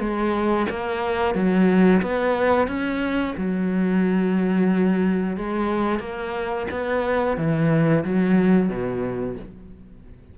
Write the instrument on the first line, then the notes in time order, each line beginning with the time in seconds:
cello
0.00 G#3
0.71 A#3
1.35 F#3
2.02 B3
2.68 C#4
3.38 F#3
5.37 G#3
6.00 A#3
6.71 B3
7.38 E3
8.05 F#3
8.70 B2